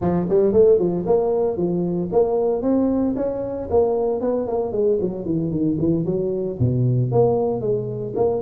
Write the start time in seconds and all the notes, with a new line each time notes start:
0.01 F3
0.29 G3
0.52 A3
0.78 F3
1.06 A#3
1.56 F3
2.12 A#3
2.62 C4
3.16 C#4
3.70 A#3
4.20 B3
4.47 A#3
4.72 G#3
5.00 F#3
5.25 E3
5.51 D#3
5.79 E3
6.05 F#3
6.59 B2
7.11 A#3
7.61 G#3
8.15 A#3